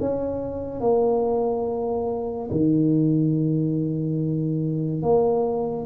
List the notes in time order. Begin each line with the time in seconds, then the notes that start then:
0.00 C#4
0.80 A#3
2.51 D#3
5.02 A#3